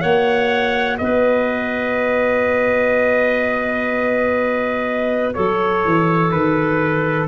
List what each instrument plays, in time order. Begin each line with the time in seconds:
0.00 tuba A#3, saxophone F#4, clarinet C#5, trumpet F#5
0.97 tuba B3, clarinet B4, trumpet D#5
5.34 tuba F#3, clarinet A4, trumpet C#5
5.85 tuba E3
6.31 tuba D#3, trumpet B4